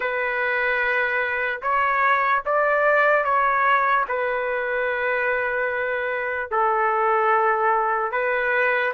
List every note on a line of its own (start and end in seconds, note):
0.00 1.61 B4
1.61 2.43 C#5
2.45 3.24 D5
3.24 4.05 C#5
4.08 6.50 B4
6.50 8.11 A4
8.11 8.92 B4